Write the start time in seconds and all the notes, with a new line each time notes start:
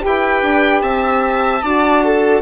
0.00 G4 B4
0.06 E4 G5
0.43 D4
0.82 C4 E5 A5
1.63 D4 F#4 D5
2.04 A4